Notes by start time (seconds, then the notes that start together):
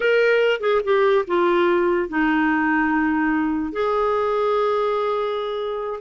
0.00 A#4
0.60 G#4
0.84 G4
1.27 F4
2.09 D#4
3.72 G#4